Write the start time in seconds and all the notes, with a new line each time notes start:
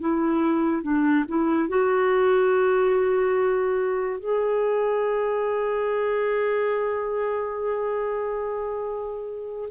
0.00 E4
0.82 D4
1.28 E4
1.69 F#4
4.20 G#4